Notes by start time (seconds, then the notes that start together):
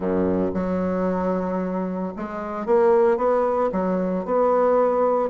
0.00 F#2
0.54 F#3
2.16 G#3
2.66 A#3
3.17 B3
3.72 F#3
4.25 B3